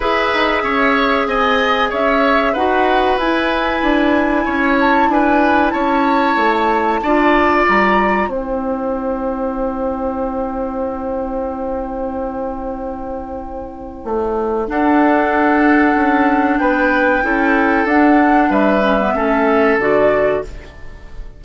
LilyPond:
<<
  \new Staff \with { instrumentName = "flute" } { \time 4/4 \tempo 4 = 94 e''2 gis''4 e''4 | fis''4 gis''2~ gis''8 a''8 | gis''4 a''2. | ais''4 g''2.~ |
g''1~ | g''2. fis''4~ | fis''2 g''2 | fis''4 e''2 d''4 | }
  \new Staff \with { instrumentName = "oboe" } { \time 4/4 b'4 cis''4 dis''4 cis''4 | b'2. cis''4 | b'4 cis''2 d''4~ | d''4 c''2.~ |
c''1~ | c''2. a'4~ | a'2 b'4 a'4~ | a'4 b'4 a'2 | }
  \new Staff \with { instrumentName = "clarinet" } { \time 4/4 gis'1 | fis'4 e'2.~ | e'2. f'4~ | f'4 e'2.~ |
e'1~ | e'2. d'4~ | d'2. e'4 | d'4. cis'16 b16 cis'4 fis'4 | }
  \new Staff \with { instrumentName = "bassoon" } { \time 4/4 e'8 dis'8 cis'4 c'4 cis'4 | dis'4 e'4 d'4 cis'4 | d'4 cis'4 a4 d'4 | g4 c'2.~ |
c'1~ | c'2 a4 d'4~ | d'4 cis'4 b4 cis'4 | d'4 g4 a4 d4 | }
>>